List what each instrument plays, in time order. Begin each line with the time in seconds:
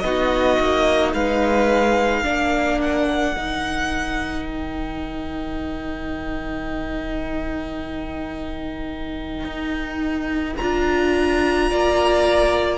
0.00 cello B3, viola D#4, violin F#4 D#5
0.59 cello A#3
1.13 cello G#3, violin B4 F5
2.22 cello A#3, viola D4, violin A#4
2.81 violin F#5
3.35 cello D#3, viola D#4
4.45 violin G5
9.44 cello D#4
10.57 cello D4, viola F4, violin A#5
11.70 cello A#3, violin D5